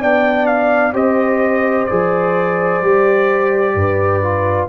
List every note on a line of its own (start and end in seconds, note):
0.00 0.93 B3
0.00 0.94 D4
0.00 0.94 D5
0.00 0.46 G5
0.46 0.93 F5
0.93 1.86 C4
0.93 1.87 G4
0.93 3.75 C5
0.93 1.86 D#5
1.86 2.81 F3
1.86 2.83 G#4
1.86 4.68 D5
2.81 3.75 G3
2.81 4.22 G4
3.75 4.68 G2
3.75 4.69 B4
4.22 4.69 F4